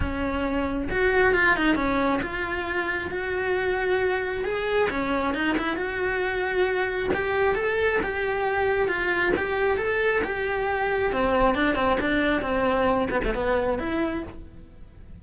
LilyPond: \new Staff \with { instrumentName = "cello" } { \time 4/4 \tempo 4 = 135 cis'2 fis'4 f'8 dis'8 | cis'4 f'2 fis'4~ | fis'2 gis'4 cis'4 | dis'8 e'8 fis'2. |
g'4 a'4 g'2 | f'4 g'4 a'4 g'4~ | g'4 c'4 d'8 c'8 d'4 | c'4. b16 a16 b4 e'4 | }